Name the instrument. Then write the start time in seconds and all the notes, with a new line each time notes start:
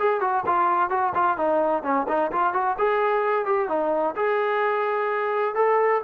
trombone
0.00 G#4
0.21 F#4
0.47 F4
0.90 F#4
1.15 F4
1.38 D#4
1.84 C#4
2.09 D#4
2.32 F4
2.54 F#4
2.79 G#4
3.46 G4
3.69 D#4
4.16 G#4
5.55 A4